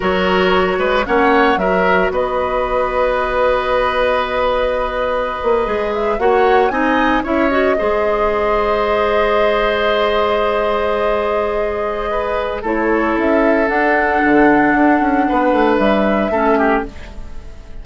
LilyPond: <<
  \new Staff \with { instrumentName = "flute" } { \time 4/4 \tempo 4 = 114 cis''2 fis''4 e''4 | dis''1~ | dis''2.~ dis''16 e''8 fis''16~ | fis''8. gis''4 e''8 dis''4.~ dis''16~ |
dis''1~ | dis''1 | cis''4 e''4 fis''2~ | fis''2 e''2 | }
  \new Staff \with { instrumentName = "oboe" } { \time 4/4 ais'4. b'8 cis''4 ais'4 | b'1~ | b'2.~ b'8. cis''16~ | cis''8. dis''4 cis''4 c''4~ c''16~ |
c''1~ | c''2. b'4 | a'1~ | a'4 b'2 a'8 g'8 | }
  \new Staff \with { instrumentName = "clarinet" } { \time 4/4 fis'2 cis'4 fis'4~ | fis'1~ | fis'2~ fis'8. gis'4 fis'16~ | fis'8. dis'4 e'8 fis'8 gis'4~ gis'16~ |
gis'1~ | gis'1 | e'2 d'2~ | d'2. cis'4 | }
  \new Staff \with { instrumentName = "bassoon" } { \time 4/4 fis4. gis8 ais4 fis4 | b1~ | b2~ b16 ais8 gis4 ais16~ | ais8. c'4 cis'4 gis4~ gis16~ |
gis1~ | gis1 | a4 cis'4 d'4 d4 | d'8 cis'8 b8 a8 g4 a4 | }
>>